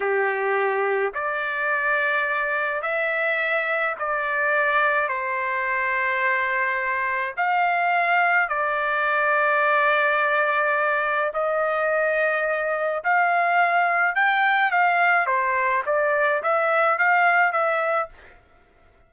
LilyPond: \new Staff \with { instrumentName = "trumpet" } { \time 4/4 \tempo 4 = 106 g'2 d''2~ | d''4 e''2 d''4~ | d''4 c''2.~ | c''4 f''2 d''4~ |
d''1 | dis''2. f''4~ | f''4 g''4 f''4 c''4 | d''4 e''4 f''4 e''4 | }